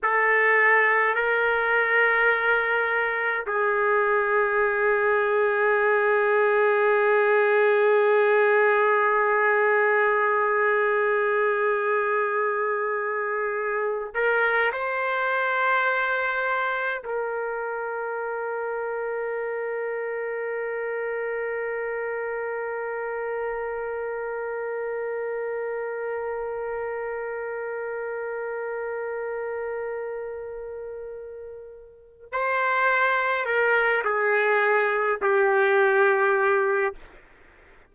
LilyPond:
\new Staff \with { instrumentName = "trumpet" } { \time 4/4 \tempo 4 = 52 a'4 ais'2 gis'4~ | gis'1~ | gis'1~ | gis'16 ais'8 c''2 ais'4~ ais'16~ |
ais'1~ | ais'1~ | ais'1 | c''4 ais'8 gis'4 g'4. | }